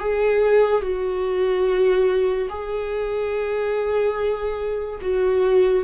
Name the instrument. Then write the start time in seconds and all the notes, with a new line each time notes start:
viola
0.00 G#4
0.82 F#4
2.50 G#4
5.02 F#4